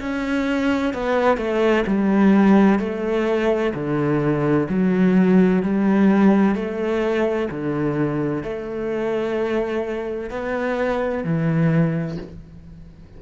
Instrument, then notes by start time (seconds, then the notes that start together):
cello
0.00 C#4
0.94 B3
1.37 A3
1.87 G3
2.79 A3
3.74 D3
4.69 F#3
5.62 G3
6.55 A3
7.51 D3
8.43 A3
10.30 B3
11.24 E3